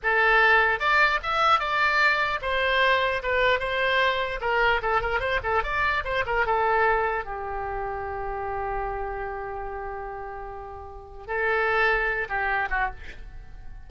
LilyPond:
\new Staff \with { instrumentName = "oboe" } { \time 4/4 \tempo 4 = 149 a'2 d''4 e''4 | d''2 c''2 | b'4 c''2 ais'4 | a'8 ais'8 c''8 a'8 d''4 c''8 ais'8 |
a'2 g'2~ | g'1~ | g'1 | a'2~ a'8 g'4 fis'8 | }